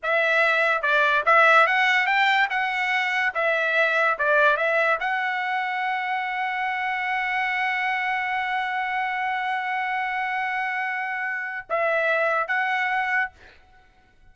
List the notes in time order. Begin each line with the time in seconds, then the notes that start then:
0.02 E5
0.82 D5
1.25 E5
1.66 F#5
2.06 G5
2.50 F#5
3.34 E5
4.18 D5
4.56 E5
4.99 F#5
11.69 E5
12.47 F#5